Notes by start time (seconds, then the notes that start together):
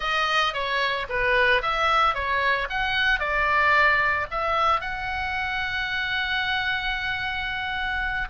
0.00 D#5
0.53 C#5
1.09 B4
1.61 E5
2.14 C#5
2.69 F#5
3.19 D5
4.31 E5
4.80 F#5